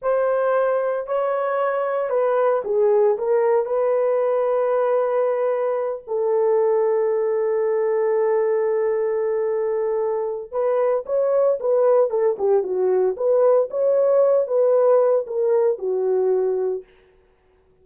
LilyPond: \new Staff \with { instrumentName = "horn" } { \time 4/4 \tempo 4 = 114 c''2 cis''2 | b'4 gis'4 ais'4 b'4~ | b'2.~ b'8 a'8~ | a'1~ |
a'1 | b'4 cis''4 b'4 a'8 g'8 | fis'4 b'4 cis''4. b'8~ | b'4 ais'4 fis'2 | }